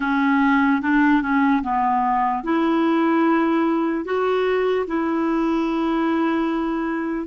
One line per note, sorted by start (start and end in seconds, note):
0.00 0.81 C#4
0.81 1.22 D4
1.22 1.62 C#4
1.62 2.43 B3
2.43 4.05 E4
4.05 4.86 F#4
4.86 7.27 E4